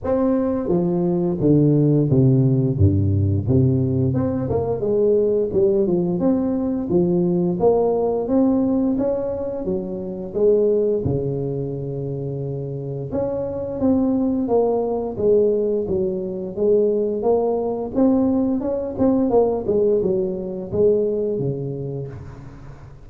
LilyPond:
\new Staff \with { instrumentName = "tuba" } { \time 4/4 \tempo 4 = 87 c'4 f4 d4 c4 | g,4 c4 c'8 ais8 gis4 | g8 f8 c'4 f4 ais4 | c'4 cis'4 fis4 gis4 |
cis2. cis'4 | c'4 ais4 gis4 fis4 | gis4 ais4 c'4 cis'8 c'8 | ais8 gis8 fis4 gis4 cis4 | }